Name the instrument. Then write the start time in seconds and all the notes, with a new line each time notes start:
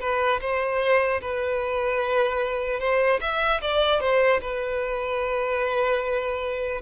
violin
0.00 B4
0.41 C5
1.21 B4
2.80 C5
3.21 E5
3.61 D5
4.00 C5
4.41 B4